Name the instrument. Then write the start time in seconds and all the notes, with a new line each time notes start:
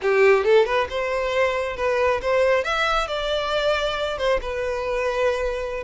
violin
0.01 G4
0.44 A4
0.65 B4
0.89 C5
1.76 B4
2.21 C5
2.64 E5
3.07 D5
4.18 C5
4.41 B4